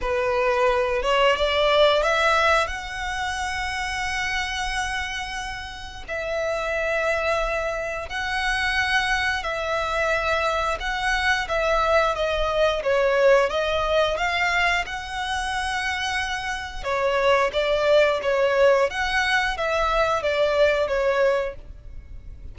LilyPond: \new Staff \with { instrumentName = "violin" } { \time 4/4 \tempo 4 = 89 b'4. cis''8 d''4 e''4 | fis''1~ | fis''4 e''2. | fis''2 e''2 |
fis''4 e''4 dis''4 cis''4 | dis''4 f''4 fis''2~ | fis''4 cis''4 d''4 cis''4 | fis''4 e''4 d''4 cis''4 | }